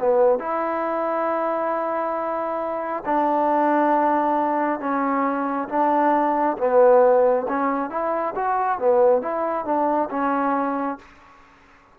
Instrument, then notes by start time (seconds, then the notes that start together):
trombone
0.00 B3
0.40 E4
3.06 D4
4.80 C#4
5.69 D4
6.58 B3
7.49 C#4
7.91 E4
8.36 F#4
8.79 B3
9.22 E4
9.65 D4
10.11 C#4